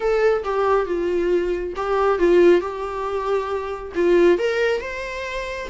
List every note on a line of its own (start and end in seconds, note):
0.00 0.43 A4
0.44 0.86 G4
0.86 1.73 F4
1.76 2.18 G4
2.18 2.61 F4
2.61 3.92 G4
3.95 4.38 F4
4.38 4.80 A#4
4.80 5.68 C5